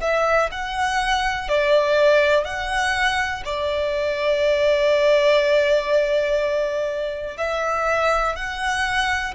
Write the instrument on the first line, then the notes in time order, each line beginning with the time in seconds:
violin
0.00 E5
0.51 F#5
1.48 D5
2.44 F#5
3.44 D5
7.37 E5
8.36 F#5